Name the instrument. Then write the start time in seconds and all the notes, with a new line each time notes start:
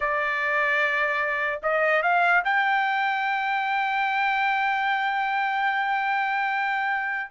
trumpet
0.00 D5
1.62 D#5
2.02 F5
2.44 G5